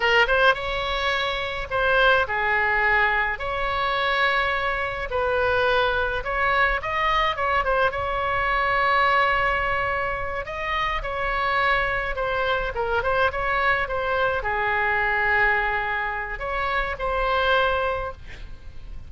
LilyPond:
\new Staff \with { instrumentName = "oboe" } { \time 4/4 \tempo 4 = 106 ais'8 c''8 cis''2 c''4 | gis'2 cis''2~ | cis''4 b'2 cis''4 | dis''4 cis''8 c''8 cis''2~ |
cis''2~ cis''8 dis''4 cis''8~ | cis''4. c''4 ais'8 c''8 cis''8~ | cis''8 c''4 gis'2~ gis'8~ | gis'4 cis''4 c''2 | }